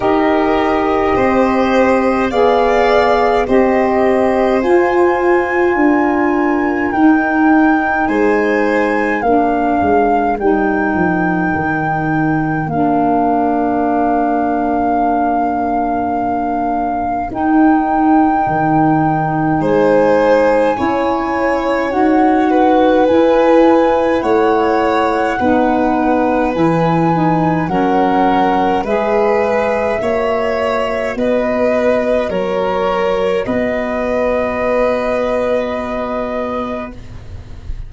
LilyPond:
<<
  \new Staff \with { instrumentName = "flute" } { \time 4/4 \tempo 4 = 52 dis''2 f''4 dis''4 | gis''2 g''4 gis''4 | f''4 g''2 f''4~ | f''2. g''4~ |
g''4 gis''2 fis''4 | gis''4 fis''2 gis''4 | fis''4 e''2 dis''4 | cis''4 dis''2. | }
  \new Staff \with { instrumentName = "violin" } { \time 4/4 ais'4 c''4 d''4 c''4~ | c''4 ais'2 c''4 | ais'1~ | ais'1~ |
ais'4 c''4 cis''4. b'8~ | b'4 cis''4 b'2 | ais'4 b'4 cis''4 b'4 | ais'4 b'2. | }
  \new Staff \with { instrumentName = "saxophone" } { \time 4/4 g'2 gis'4 g'4 | f'2 dis'2 | d'4 dis'2 d'4~ | d'2. dis'4~ |
dis'2 e'4 fis'4 | e'2 dis'4 e'8 dis'8 | cis'4 gis'4 fis'2~ | fis'1 | }
  \new Staff \with { instrumentName = "tuba" } { \time 4/4 dis'4 c'4 b4 c'4 | f'4 d'4 dis'4 gis4 | ais8 gis8 g8 f8 dis4 ais4~ | ais2. dis'4 |
dis4 gis4 cis'4 dis'4 | e'4 a4 b4 e4 | fis4 gis4 ais4 b4 | fis4 b2. | }
>>